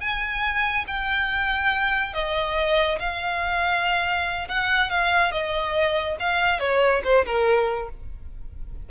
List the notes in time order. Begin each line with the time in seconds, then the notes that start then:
0.00 G#5
0.87 G5
2.13 D#5
2.99 F5
4.48 F#5
4.90 F5
5.31 D#5
6.19 F5
6.59 C#5
7.04 C5
7.25 A#4